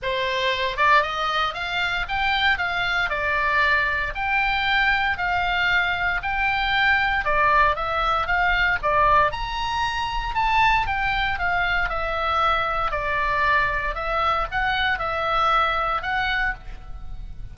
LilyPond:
\new Staff \with { instrumentName = "oboe" } { \time 4/4 \tempo 4 = 116 c''4. d''8 dis''4 f''4 | g''4 f''4 d''2 | g''2 f''2 | g''2 d''4 e''4 |
f''4 d''4 ais''2 | a''4 g''4 f''4 e''4~ | e''4 d''2 e''4 | fis''4 e''2 fis''4 | }